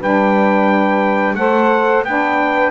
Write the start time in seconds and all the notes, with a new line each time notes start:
0.00 G3 D4 B4 G5
1.34 A3 A4 C5 F#5
2.02 B3 D4 B4 G5